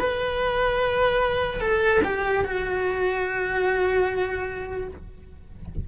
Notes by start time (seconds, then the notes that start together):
0.00 B4
1.61 A4
2.05 G4
2.45 F#4